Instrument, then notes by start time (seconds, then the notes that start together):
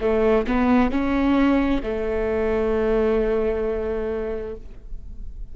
viola
0.00 A3
0.47 B3
0.90 C#4
1.82 A3